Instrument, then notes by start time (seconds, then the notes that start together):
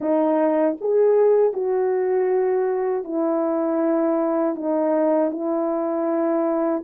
horn
0.00 D#4
0.80 G#4
1.53 F#4
3.04 E4
4.55 D#4
5.31 E4